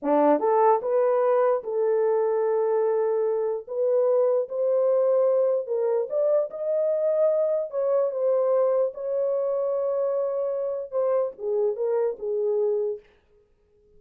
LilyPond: \new Staff \with { instrumentName = "horn" } { \time 4/4 \tempo 4 = 148 d'4 a'4 b'2 | a'1~ | a'4 b'2 c''4~ | c''2 ais'4 d''4 |
dis''2. cis''4 | c''2 cis''2~ | cis''2. c''4 | gis'4 ais'4 gis'2 | }